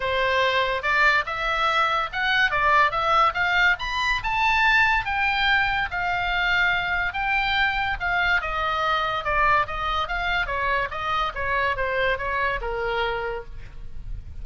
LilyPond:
\new Staff \with { instrumentName = "oboe" } { \time 4/4 \tempo 4 = 143 c''2 d''4 e''4~ | e''4 fis''4 d''4 e''4 | f''4 b''4 a''2 | g''2 f''2~ |
f''4 g''2 f''4 | dis''2 d''4 dis''4 | f''4 cis''4 dis''4 cis''4 | c''4 cis''4 ais'2 | }